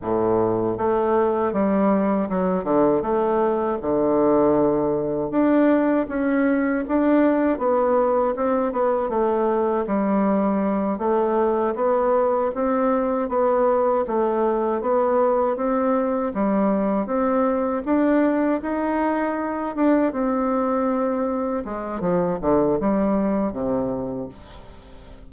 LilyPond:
\new Staff \with { instrumentName = "bassoon" } { \time 4/4 \tempo 4 = 79 a,4 a4 g4 fis8 d8 | a4 d2 d'4 | cis'4 d'4 b4 c'8 b8 | a4 g4. a4 b8~ |
b8 c'4 b4 a4 b8~ | b8 c'4 g4 c'4 d'8~ | d'8 dis'4. d'8 c'4.~ | c'8 gis8 f8 d8 g4 c4 | }